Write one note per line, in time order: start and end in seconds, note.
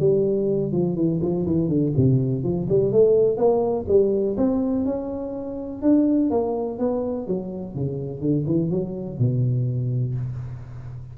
0.00 0.72 G3
0.72 0.96 F3
0.96 1.20 E3
1.22 1.46 F3
1.46 1.69 E3
1.69 1.93 D3
1.97 2.44 C3
2.44 2.68 F3
2.69 2.92 G3
2.92 3.38 A3
3.38 3.86 A#3
3.88 4.36 G3
4.38 4.85 C4
4.85 5.82 C#4
5.82 6.31 D4
6.31 6.79 A#3
6.79 7.27 B3
7.27 7.75 F#3
7.75 8.21 C#3
8.21 8.45 D3
8.47 8.71 E3
8.71 9.18 F#3
9.18 10.15 B2